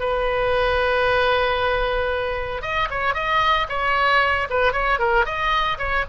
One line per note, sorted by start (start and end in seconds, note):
0.00 2.62 B4
2.62 2.89 D#5
2.90 3.14 C#5
3.14 3.67 D#5
3.69 4.48 C#5
4.50 4.73 B4
4.73 4.99 C#5
4.99 5.25 A#4
5.25 5.78 D#5
5.78 6.05 C#5